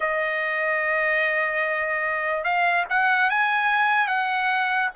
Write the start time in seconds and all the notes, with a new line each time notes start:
0.00 D#5
2.44 F5
2.89 F#5
3.30 G#5
4.07 F#5